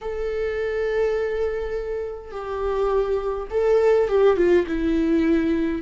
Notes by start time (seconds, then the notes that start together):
0.01 A4
2.31 G4
3.50 A4
4.08 G4
4.36 F4
4.67 E4